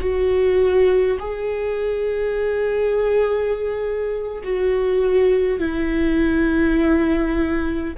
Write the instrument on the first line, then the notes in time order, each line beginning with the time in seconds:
viola
0.00 F#4
1.19 G#4
4.43 F#4
5.59 E4